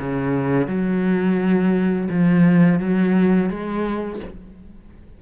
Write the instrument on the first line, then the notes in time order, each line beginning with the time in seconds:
cello
0.00 C#3
0.68 F#3
2.10 F3
2.80 F#3
3.50 G#3